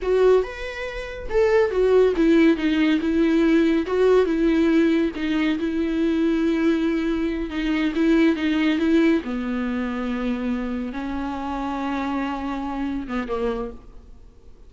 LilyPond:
\new Staff \with { instrumentName = "viola" } { \time 4/4 \tempo 4 = 140 fis'4 b'2 a'4 | fis'4 e'4 dis'4 e'4~ | e'4 fis'4 e'2 | dis'4 e'2.~ |
e'4. dis'4 e'4 dis'8~ | dis'8 e'4 b2~ b8~ | b4. cis'2~ cis'8~ | cis'2~ cis'8 b8 ais4 | }